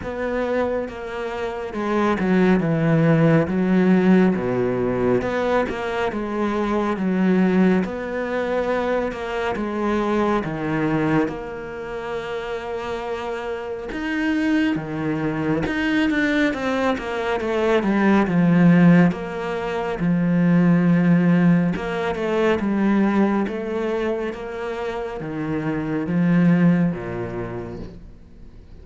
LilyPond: \new Staff \with { instrumentName = "cello" } { \time 4/4 \tempo 4 = 69 b4 ais4 gis8 fis8 e4 | fis4 b,4 b8 ais8 gis4 | fis4 b4. ais8 gis4 | dis4 ais2. |
dis'4 dis4 dis'8 d'8 c'8 ais8 | a8 g8 f4 ais4 f4~ | f4 ais8 a8 g4 a4 | ais4 dis4 f4 ais,4 | }